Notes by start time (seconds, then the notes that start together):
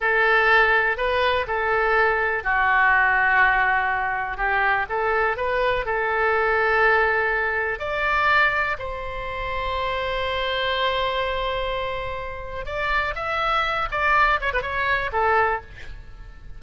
0.00 A4
0.97 B4
1.47 A4
2.43 F#4
4.37 G4
4.89 A4
5.37 B4
5.85 A4
7.79 D5
8.78 C5
12.65 D5
13.15 E5
13.91 D5
14.40 C#5
14.53 B4
14.62 C#5
15.12 A4